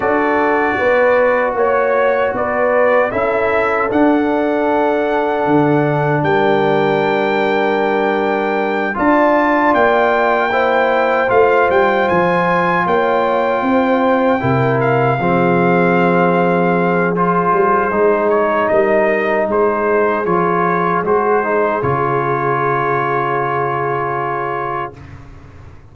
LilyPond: <<
  \new Staff \with { instrumentName = "trumpet" } { \time 4/4 \tempo 4 = 77 d''2 cis''4 d''4 | e''4 fis''2. | g''2.~ g''8 a''8~ | a''8 g''2 f''8 g''8 gis''8~ |
gis''8 g''2~ g''8 f''4~ | f''2 c''4. cis''8 | dis''4 c''4 cis''4 c''4 | cis''1 | }
  \new Staff \with { instrumentName = "horn" } { \time 4/4 a'4 b'4 cis''4 b'4 | a'1 | ais'2.~ ais'8 d''8~ | d''4. c''2~ c''8~ |
c''8 cis''4 c''4 ais'4 gis'8~ | gis'1 | ais'4 gis'2.~ | gis'1 | }
  \new Staff \with { instrumentName = "trombone" } { \time 4/4 fis'1 | e'4 d'2.~ | d'2.~ d'8 f'8~ | f'4. e'4 f'4.~ |
f'2~ f'8 e'4 c'8~ | c'2 f'4 dis'4~ | dis'2 f'4 fis'8 dis'8 | f'1 | }
  \new Staff \with { instrumentName = "tuba" } { \time 4/4 d'4 b4 ais4 b4 | cis'4 d'2 d4 | g2.~ g8 d'8~ | d'8 ais2 a8 g8 f8~ |
f8 ais4 c'4 c4 f8~ | f2~ f8 g8 gis4 | g4 gis4 f4 gis4 | cis1 | }
>>